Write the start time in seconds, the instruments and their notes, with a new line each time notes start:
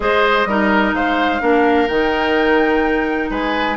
0.00 bassoon G#3, clarinet G#4, oboe C5, flute D#5
0.45 bassoon G3, clarinet D#4, oboe A#4
0.93 bassoon G#3, oboe C5, flute F5
1.40 bassoon A#3, clarinet D4, oboe A#4
1.88 bassoon D#3, clarinet D#4, flute G5
3.29 bassoon G#3, oboe B4, flute G#5